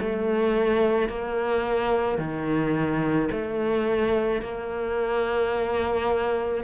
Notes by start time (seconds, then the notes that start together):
0.00 A3
1.09 A#3
2.18 D#3
3.31 A3
4.41 A#3